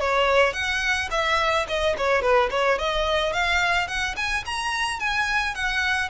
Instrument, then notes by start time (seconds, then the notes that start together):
violin
0.00 C#5
0.53 F#5
1.11 E5
1.68 D#5
1.98 C#5
2.22 B4
2.51 C#5
2.79 D#5
3.33 F5
3.88 F#5
4.16 G#5
4.46 A#5
5.00 G#5
5.55 F#5